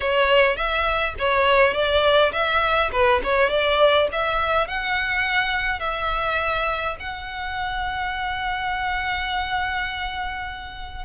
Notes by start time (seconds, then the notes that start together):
0.00 C#5
0.56 E5
1.18 C#5
1.73 D5
2.32 E5
2.92 B4
3.23 C#5
3.49 D5
4.12 E5
4.67 F#5
5.79 E5
6.99 F#5